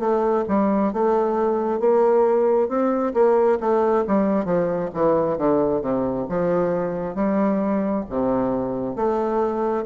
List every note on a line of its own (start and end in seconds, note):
0.00 0.45 A3
0.48 0.93 G3
0.93 1.80 A3
1.80 2.69 A#3
2.69 3.14 C4
3.15 3.59 A#3
3.61 4.05 A3
4.08 4.45 G3
4.45 4.90 F3
4.94 5.39 E3
5.39 5.82 D3
5.82 6.27 C3
6.30 7.15 F3
7.15 8.05 G3
8.10 8.96 C3
8.96 9.86 A3